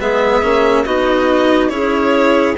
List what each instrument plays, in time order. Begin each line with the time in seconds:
0.00 bassoon G#3, cello B3, clarinet G#4, violin E5
0.42 bassoon A#3, cello C#4
0.85 bassoon B3, cello D#4, clarinet F#4, violin D#5
1.69 bassoon C#4, cello E4, clarinet G#4, violin C#5